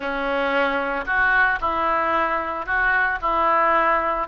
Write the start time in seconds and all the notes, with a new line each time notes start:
0.00 C#4
1.05 F#4
1.60 E4
2.65 F#4
3.21 E4